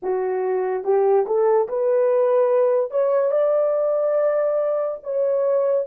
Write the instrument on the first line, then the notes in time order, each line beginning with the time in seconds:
horn
0.02 F#4
0.83 G4
1.26 A4
1.68 B4
2.90 C#5
3.31 D5
5.03 C#5